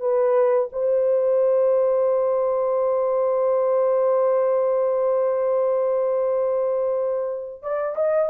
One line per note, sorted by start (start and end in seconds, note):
0.00 0.69 B4
0.73 7.62 C5
7.62 7.96 D5
7.96 8.30 D#5